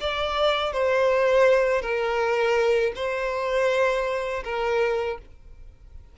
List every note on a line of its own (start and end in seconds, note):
0.00 0.72 D5
0.72 1.81 C5
1.81 2.93 A#4
2.95 4.43 C5
4.44 5.18 A#4